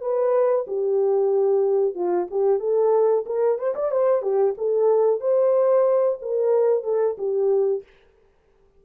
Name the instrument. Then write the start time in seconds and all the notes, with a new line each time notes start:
horn
0.00 B4
0.67 G4
1.94 F4
2.30 G4
2.59 A4
3.26 A#4
3.58 C5
3.75 D5
3.91 C5
4.22 G4
4.57 A4
5.21 C5
6.22 A#4
6.84 A4
7.18 G4